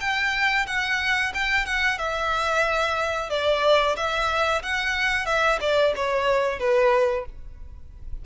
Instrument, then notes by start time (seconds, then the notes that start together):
violin
0.00 G5
0.67 F#5
1.34 G5
1.65 F#5
1.98 E5
3.29 D5
3.96 E5
4.62 F#5
5.26 E5
5.60 D5
5.96 C#5
6.59 B4